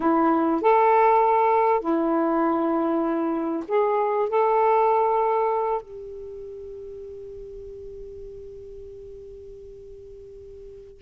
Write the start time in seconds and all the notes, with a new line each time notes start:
0.00 E4
0.61 A4
1.80 E4
3.68 G#4
4.29 A4
5.81 G4